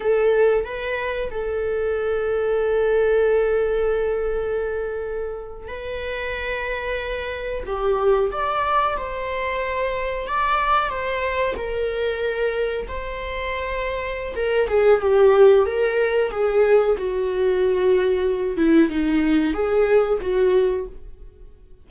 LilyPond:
\new Staff \with { instrumentName = "viola" } { \time 4/4 \tempo 4 = 92 a'4 b'4 a'2~ | a'1~ | a'8. b'2. g'16~ | g'8. d''4 c''2 d''16~ |
d''8. c''4 ais'2 c''16~ | c''2 ais'8 gis'8 g'4 | ais'4 gis'4 fis'2~ | fis'8 e'8 dis'4 gis'4 fis'4 | }